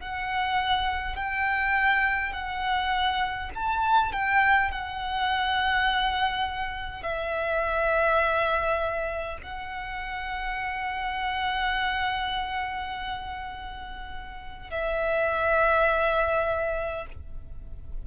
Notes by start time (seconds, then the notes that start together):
0.00 F#5
1.16 G5
2.33 F#5
3.55 A5
4.12 G5
4.71 F#5
7.03 E5
9.43 F#5
14.71 E5